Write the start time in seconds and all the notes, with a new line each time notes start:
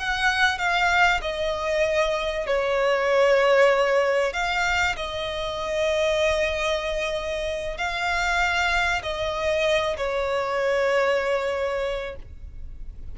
0.00 F#5
0.59 F5
1.22 D#5
2.47 C#5
4.34 F5
4.97 D#5
7.78 F5
9.03 D#5
9.97 C#5